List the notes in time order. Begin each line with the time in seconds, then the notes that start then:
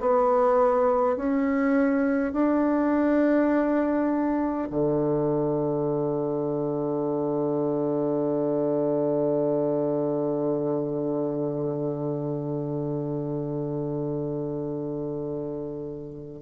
0.00 B3
1.16 C#4
2.33 D4
4.70 D3